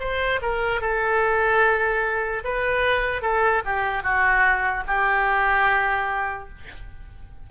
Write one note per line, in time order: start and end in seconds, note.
0.00 0.41 C5
0.42 0.81 A#4
0.81 2.44 A4
2.45 3.22 B4
3.22 3.63 A4
3.65 4.03 G4
4.03 4.84 F#4
4.87 6.49 G4